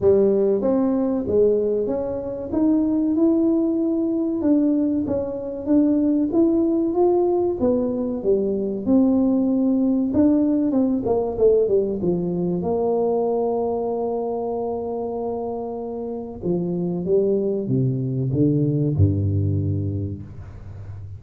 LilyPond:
\new Staff \with { instrumentName = "tuba" } { \time 4/4 \tempo 4 = 95 g4 c'4 gis4 cis'4 | dis'4 e'2 d'4 | cis'4 d'4 e'4 f'4 | b4 g4 c'2 |
d'4 c'8 ais8 a8 g8 f4 | ais1~ | ais2 f4 g4 | c4 d4 g,2 | }